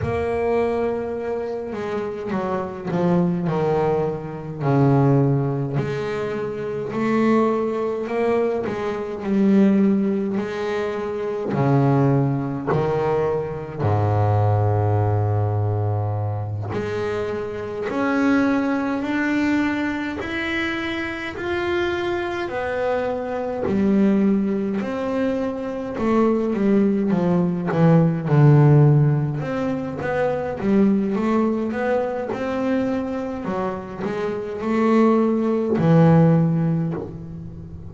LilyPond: \new Staff \with { instrumentName = "double bass" } { \time 4/4 \tempo 4 = 52 ais4. gis8 fis8 f8 dis4 | cis4 gis4 a4 ais8 gis8 | g4 gis4 cis4 dis4 | gis,2~ gis,8 gis4 cis'8~ |
cis'8 d'4 e'4 f'4 b8~ | b8 g4 c'4 a8 g8 f8 | e8 d4 c'8 b8 g8 a8 b8 | c'4 fis8 gis8 a4 e4 | }